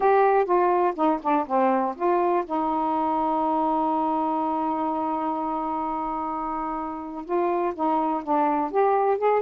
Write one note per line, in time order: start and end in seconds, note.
0.00 0.45 G4
0.45 0.93 F4
0.95 1.19 D#4
1.22 1.46 D4
1.46 1.95 C4
1.96 2.44 F4
2.45 7.25 D#4
7.25 7.73 F4
7.74 8.23 D#4
8.23 8.71 D4
8.71 9.18 G4
9.18 9.42 G#4